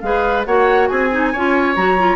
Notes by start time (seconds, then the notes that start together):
0.00 G#3 G#4 B4 F5
0.45 A#3 F#4 C#5 F#5
0.87 C4 G#4 G#5
1.10 D#4
1.32 C#4 F4 C#5
1.75 F#3 F#4 A#5
1.98 F4